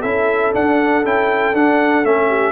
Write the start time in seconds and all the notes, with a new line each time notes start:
0.00 C#4 E4 A4 E5
0.53 D4 F#5
1.04 C#4 E4 G5
1.54 D4 F#5
2.04 A3 C#4 E5
2.28 G4